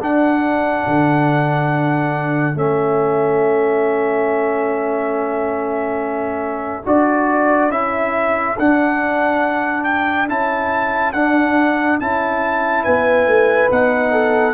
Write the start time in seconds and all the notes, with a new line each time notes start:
0.00 D4 A4 F#5
0.87 D3
2.55 A3 C#4 E5
6.86 D4 F#4 D5
7.69 C#4 E4 E5
8.59 D4 F#5
9.84 G5
10.29 C#4 E4 A5
11.13 D4 F#5
12.00 C#4 E4 A5
12.84 B3 B4 G#5
13.27 A3
13.71 B3 D#4 F#5
14.12 A4